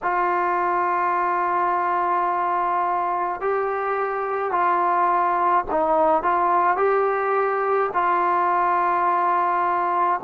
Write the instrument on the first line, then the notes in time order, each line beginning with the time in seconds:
trombone
0.02 F4
3.40 G4
4.51 F4
5.71 D#4
6.23 F4
6.76 G4
7.93 F4